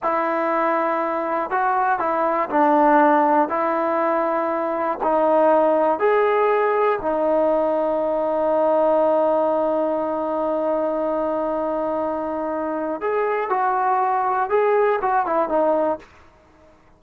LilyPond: \new Staff \with { instrumentName = "trombone" } { \time 4/4 \tempo 4 = 120 e'2. fis'4 | e'4 d'2 e'4~ | e'2 dis'2 | gis'2 dis'2~ |
dis'1~ | dis'1~ | dis'2 gis'4 fis'4~ | fis'4 gis'4 fis'8 e'8 dis'4 | }